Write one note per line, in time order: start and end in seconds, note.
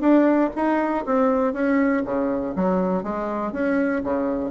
0.00 0.50 D4
0.55 1.05 D#4
1.05 1.53 C4
1.53 2.02 C#4
2.05 2.54 C#3
2.55 3.03 F#3
3.03 3.52 G#3
3.52 4.02 C#4
4.03 4.51 C#3